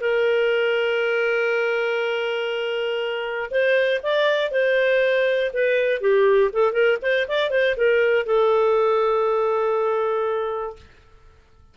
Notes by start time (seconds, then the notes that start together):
0.00 A#4
3.51 C5
4.02 D5
4.51 C5
5.53 B4
6.01 G4
6.52 A4
6.72 A#4
7.02 C5
7.27 D5
7.50 C5
7.77 A#4
8.26 A4